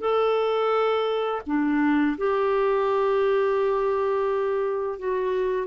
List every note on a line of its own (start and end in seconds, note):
0.00 1.41 A4
1.46 2.17 D4
2.17 4.99 G4
4.99 5.67 F#4